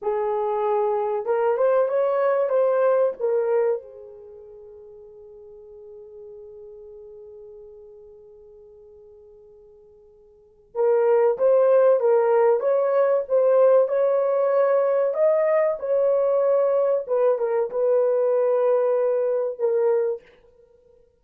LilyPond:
\new Staff \with { instrumentName = "horn" } { \time 4/4 \tempo 4 = 95 gis'2 ais'8 c''8 cis''4 | c''4 ais'4 gis'2~ | gis'1~ | gis'1~ |
gis'4 ais'4 c''4 ais'4 | cis''4 c''4 cis''2 | dis''4 cis''2 b'8 ais'8 | b'2. ais'4 | }